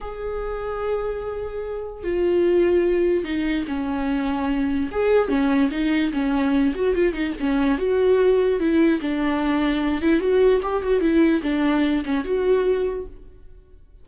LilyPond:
\new Staff \with { instrumentName = "viola" } { \time 4/4 \tempo 4 = 147 gis'1~ | gis'4 f'2. | dis'4 cis'2. | gis'4 cis'4 dis'4 cis'4~ |
cis'8 fis'8 f'8 dis'8 cis'4 fis'4~ | fis'4 e'4 d'2~ | d'8 e'8 fis'4 g'8 fis'8 e'4 | d'4. cis'8 fis'2 | }